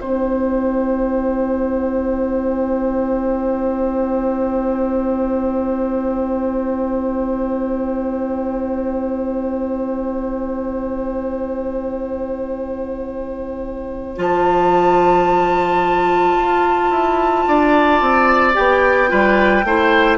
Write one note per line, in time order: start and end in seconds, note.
0.00 14.17 C4
0.00 14.16 E4
0.00 17.46 C5
0.00 14.18 G5
14.16 16.36 F3
14.16 18.53 F4
14.16 18.55 A5
16.37 16.90 F4
16.90 17.45 E4
17.47 18.01 D4
17.47 19.10 D5
18.01 18.55 C4
18.53 19.11 B3
18.53 19.08 G4
18.53 20.18 G5
19.08 19.64 G3
19.08 19.62 F4
19.08 19.65 B4
19.64 20.18 A3
19.64 20.18 E4
19.64 20.18 C5